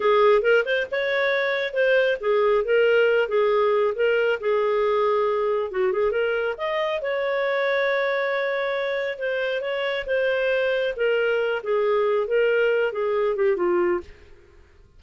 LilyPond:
\new Staff \with { instrumentName = "clarinet" } { \time 4/4 \tempo 4 = 137 gis'4 ais'8 c''8 cis''2 | c''4 gis'4 ais'4. gis'8~ | gis'4 ais'4 gis'2~ | gis'4 fis'8 gis'8 ais'4 dis''4 |
cis''1~ | cis''4 c''4 cis''4 c''4~ | c''4 ais'4. gis'4. | ais'4. gis'4 g'8 f'4 | }